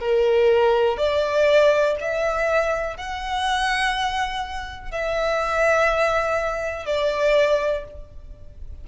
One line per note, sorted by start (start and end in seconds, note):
0.00 0.98 A#4
0.98 1.96 D5
2.00 2.98 E5
2.98 4.92 F#5
4.92 6.86 E5
6.86 7.85 D5